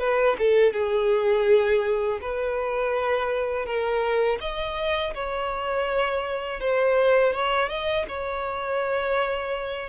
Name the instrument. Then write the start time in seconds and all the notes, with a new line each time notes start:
violin
0.00 B4
0.39 A4
0.74 G#4
2.22 B4
3.66 A#4
4.41 D#5
5.15 C#5
6.61 C5
7.34 C#5
7.70 D#5
8.09 C#5